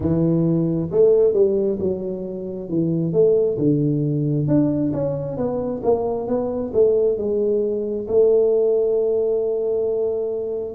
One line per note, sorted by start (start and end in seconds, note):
0.00 0.90 E3
0.91 1.33 A3
1.33 1.78 G3
1.79 2.69 F#3
2.69 3.13 E3
3.13 3.57 A3
3.57 4.47 D3
4.47 4.92 D4
4.93 5.37 C#4
5.37 5.82 B3
5.83 6.27 A#3
6.27 6.72 B3
6.73 7.17 A3
7.17 8.07 G#3
8.07 10.74 A3